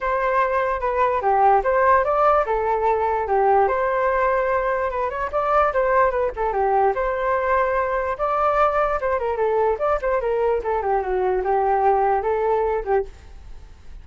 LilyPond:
\new Staff \with { instrumentName = "flute" } { \time 4/4 \tempo 4 = 147 c''2 b'4 g'4 | c''4 d''4 a'2 | g'4 c''2. | b'8 cis''8 d''4 c''4 b'8 a'8 |
g'4 c''2. | d''2 c''8 ais'8 a'4 | d''8 c''8 ais'4 a'8 g'8 fis'4 | g'2 a'4. g'8 | }